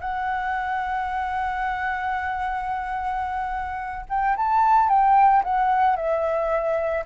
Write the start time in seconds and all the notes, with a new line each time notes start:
0.00 F#5
4.09 G5
4.36 A5
4.89 G5
5.43 F#5
5.96 E5